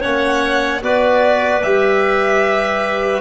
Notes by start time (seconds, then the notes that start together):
0.00 A#3 C#4 C#5 F#5
0.82 B3 F#4 B4 D5
1.63 G3 G4 E5